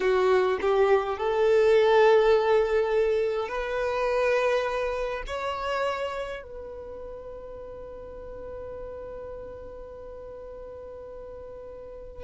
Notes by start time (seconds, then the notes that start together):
0.00 F#4
0.61 G4
1.17 A4
3.48 B4
5.26 C#5
6.42 B4